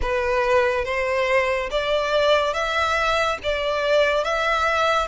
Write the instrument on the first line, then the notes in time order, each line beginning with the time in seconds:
violin
0.01 B4
0.85 C5
1.70 D5
2.53 E5
3.43 D5
4.23 E5